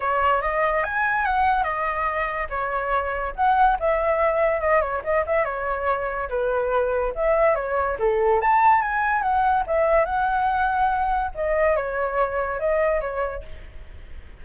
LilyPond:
\new Staff \with { instrumentName = "flute" } { \time 4/4 \tempo 4 = 143 cis''4 dis''4 gis''4 fis''4 | dis''2 cis''2 | fis''4 e''2 dis''8 cis''8 | dis''8 e''8 cis''2 b'4~ |
b'4 e''4 cis''4 a'4 | a''4 gis''4 fis''4 e''4 | fis''2. dis''4 | cis''2 dis''4 cis''4 | }